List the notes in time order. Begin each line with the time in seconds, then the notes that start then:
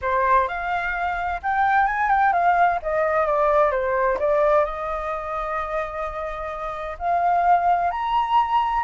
0.01 C5
0.48 F5
1.42 G5
1.86 G#5
2.10 G5
2.32 F5
2.82 D#5
3.26 D5
3.71 C5
4.19 D5
4.64 D#5
6.99 F5
7.90 A#5